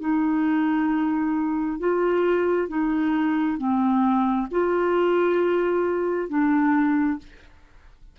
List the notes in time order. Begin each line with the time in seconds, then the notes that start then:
0.00 D#4
1.80 F4
2.69 D#4
3.58 C4
4.51 F4
6.29 D4